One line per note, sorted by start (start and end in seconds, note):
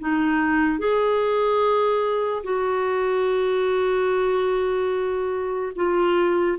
0.00 0.79 D#4
0.79 2.43 G#4
2.44 5.73 F#4
5.76 6.58 F4